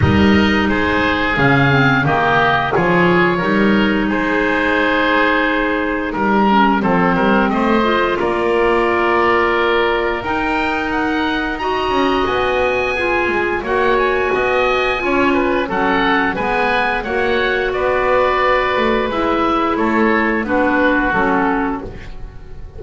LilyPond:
<<
  \new Staff \with { instrumentName = "oboe" } { \time 4/4 \tempo 4 = 88 dis''4 c''4 f''4 dis''4 | cis''2 c''2~ | c''4 ais'4 c''4 dis''4 | d''2. g''4 |
fis''4 ais''4 gis''2 | fis''8 gis''2~ gis''8 fis''4 | gis''4 fis''4 d''2 | e''4 cis''4 b'4 a'4 | }
  \new Staff \with { instrumentName = "oboe" } { \time 4/4 ais'4 gis'2 g'4 | gis'4 ais'4 gis'2~ | gis'4 ais'4 a'8 ais'8 c''4 | ais'1~ |
ais'4 dis''2 gis'4 | cis''4 dis''4 cis''8 b'8 a'4 | b'4 cis''4 b'2~ | b'4 a'4 fis'2 | }
  \new Staff \with { instrumentName = "clarinet" } { \time 4/4 dis'2 cis'8 c'8 ais4 | f'4 dis'2.~ | dis'4. cis'8 c'4. f'8~ | f'2. dis'4~ |
dis'4 fis'2 f'4 | fis'2 f'4 cis'4 | b4 fis'2. | e'2 d'4 cis'4 | }
  \new Staff \with { instrumentName = "double bass" } { \time 4/4 g4 gis4 cis4 dis4 | f4 g4 gis2~ | gis4 g4 f8 g8 a4 | ais2. dis'4~ |
dis'4. cis'8 b4. gis8 | ais4 b4 cis'4 fis4 | gis4 ais4 b4. a8 | gis4 a4 b4 fis4 | }
>>